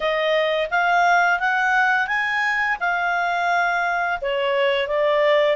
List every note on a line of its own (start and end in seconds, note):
0.00 0.69 D#5
0.70 1.39 F5
1.39 2.07 F#5
2.07 2.77 G#5
2.79 4.19 F5
4.21 4.87 C#5
4.87 5.56 D5